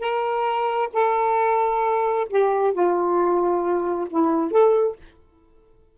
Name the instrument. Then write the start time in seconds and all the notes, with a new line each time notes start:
saxophone
0.00 A#4
0.93 A4
2.30 G4
2.74 F4
4.10 E4
4.51 A4